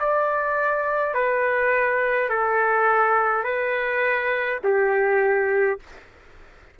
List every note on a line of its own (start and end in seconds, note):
0.00 1.14 D5
1.14 2.30 B4
2.30 3.44 A4
3.44 4.59 B4
4.64 5.80 G4